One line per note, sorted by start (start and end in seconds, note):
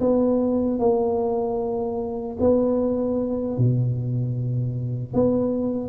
0.00 0.79 B3
0.79 2.37 A#3
2.40 3.57 B3
3.57 5.14 B2
5.14 5.89 B3